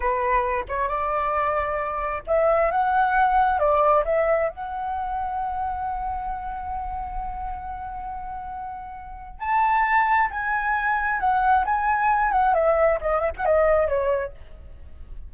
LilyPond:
\new Staff \with { instrumentName = "flute" } { \time 4/4 \tempo 4 = 134 b'4. cis''8 d''2~ | d''4 e''4 fis''2 | d''4 e''4 fis''2~ | fis''1~ |
fis''1~ | fis''4 a''2 gis''4~ | gis''4 fis''4 gis''4. fis''8 | e''4 dis''8 e''16 fis''16 dis''4 cis''4 | }